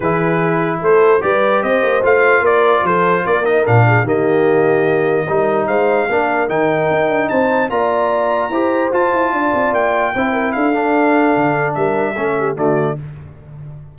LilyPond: <<
  \new Staff \with { instrumentName = "trumpet" } { \time 4/4 \tempo 4 = 148 b'2 c''4 d''4 | dis''4 f''4 d''4 c''4 | d''8 dis''8 f''4 dis''2~ | dis''2 f''2 |
g''2 a''4 ais''4~ | ais''2 a''2 | g''2 f''2~ | f''4 e''2 d''4 | }
  \new Staff \with { instrumentName = "horn" } { \time 4/4 gis'2 a'4 b'4 | c''2 ais'4 a'4 | ais'4. gis'8 g'2~ | g'4 ais'4 c''4 ais'4~ |
ais'2 c''4 d''4~ | d''4 c''2 d''4~ | d''4 c''8 ais'8 a'2~ | a'4 ais'4 a'8 g'8 fis'4 | }
  \new Staff \with { instrumentName = "trombone" } { \time 4/4 e'2. g'4~ | g'4 f'2.~ | f'8 dis'8 d'4 ais2~ | ais4 dis'2 d'4 |
dis'2. f'4~ | f'4 g'4 f'2~ | f'4 e'4. d'4.~ | d'2 cis'4 a4 | }
  \new Staff \with { instrumentName = "tuba" } { \time 4/4 e2 a4 g4 | c'8 ais8 a4 ais4 f4 | ais4 ais,4 dis2~ | dis4 g4 gis4 ais4 |
dis4 dis'8 d'8 c'4 ais4~ | ais4 e'4 f'8 e'8 d'8 c'8 | ais4 c'4 d'2 | d4 g4 a4 d4 | }
>>